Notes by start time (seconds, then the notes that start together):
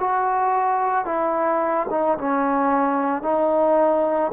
0.00 F#4
1.06 E4
1.90 D#4
2.18 C#4
3.23 D#4